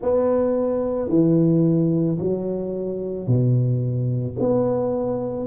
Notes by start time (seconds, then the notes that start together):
0.01 B3
1.09 E3
2.18 F#3
3.27 B2
4.39 B3